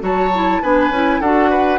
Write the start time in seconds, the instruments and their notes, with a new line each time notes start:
0.00 bassoon F#3, clarinet F#4, oboe C#5, flute A5
0.34 clarinet E4
0.62 bassoon B3, clarinet D4, oboe B4, flute G#5
0.89 bassoon C#4, clarinet E4
1.20 bassoon D4, clarinet F#4, oboe A4, flute F#5
1.49 oboe B4